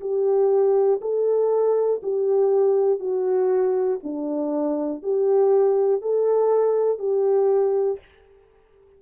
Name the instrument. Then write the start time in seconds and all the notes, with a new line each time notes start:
horn
0.00 G4
1.01 A4
2.03 G4
2.99 F#4
4.03 D4
5.03 G4
6.01 A4
6.99 G4